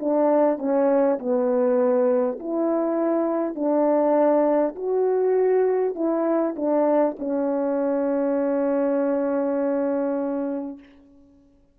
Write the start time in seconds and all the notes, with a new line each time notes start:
0.00 D4
0.59 C#4
1.19 B3
2.40 E4
3.56 D4
4.76 F#4
5.96 E4
6.57 D4
7.19 C#4